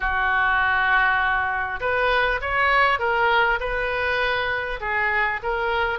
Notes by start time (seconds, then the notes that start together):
0.00 F#4
1.80 B4
2.41 C#5
2.99 A#4
3.60 B4
4.80 G#4
5.42 A#4